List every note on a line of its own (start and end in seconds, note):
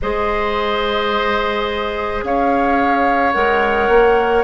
0.01 2.23 G#3
0.01 3.34 G#4
0.01 2.24 C5
0.01 2.24 D#5
2.23 3.34 C#4
2.23 4.44 C#5
2.23 3.32 F5
3.32 3.88 G#3
3.32 4.44 A#4
3.32 4.43 F#5
3.88 4.44 A#3